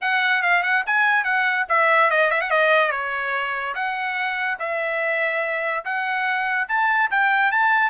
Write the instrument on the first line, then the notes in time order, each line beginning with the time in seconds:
trumpet
0.01 F#5
0.42 F5
0.62 F#5
0.86 G#5
1.24 F#5
1.68 E5
2.10 D#5
2.30 E5
2.41 F#5
2.50 D#5
2.91 C#5
3.74 F#5
4.59 E5
5.84 F#5
6.68 A5
7.10 G5
7.51 A5